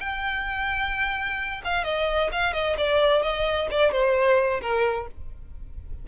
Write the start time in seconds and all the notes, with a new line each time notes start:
0.00 G5
1.64 F5
1.84 D#5
2.32 F5
2.53 D#5
2.78 D5
3.22 D#5
3.71 D5
3.92 C5
4.61 A#4